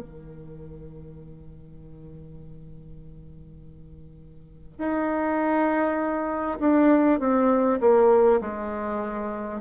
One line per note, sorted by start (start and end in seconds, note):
0.00 4.78 D#3
4.78 6.58 D#4
6.60 7.20 D4
7.20 7.80 C4
7.81 8.41 A#3
8.41 9.61 G#3